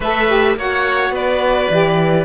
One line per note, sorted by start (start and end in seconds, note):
0.00 0.56 A3
0.00 0.27 A4
0.00 0.57 B4
0.00 0.58 E5
0.27 0.56 G4
0.56 1.10 A#3
0.56 1.71 F#4
0.56 1.13 C#5
0.56 1.15 F#5
1.10 1.67 B3
1.10 2.24 B4
1.10 2.24 D5
1.69 2.24 E3
1.69 2.24 G4